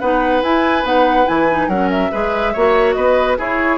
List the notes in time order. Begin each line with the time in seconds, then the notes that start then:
0.00 B3 D#4 B4 F#5
0.43 E4 G#5
0.84 B3 D#4 F#5
1.26 E3 E4 G#5
1.50 D#4
1.68 F#3 C#4 A#4 F#5
1.90 E5
2.12 G#3 G#4 B4
2.54 A#3 F#4 C#5
2.93 B3 B4 D#5
3.38 E4 G#4 C#5